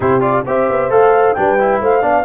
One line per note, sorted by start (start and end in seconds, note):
0.00 0.45 C3
0.00 0.20 E4
0.00 0.45 G4
0.00 0.21 C5
0.20 0.43 F4
0.20 0.43 D5
0.46 0.69 C4
0.46 0.90 G4
0.46 1.37 C5
0.46 0.90 E5
0.69 0.89 B3
0.89 1.34 A3
0.89 1.35 A4
0.89 1.34 F5
1.34 1.81 G3
1.34 1.58 D4
1.34 1.81 B4
1.34 1.79 G5
1.59 2.01 E4
1.81 2.02 A3
1.81 2.01 C5
1.81 2.25 F5
2.01 2.25 B3
2.01 2.24 D4
2.01 2.24 D5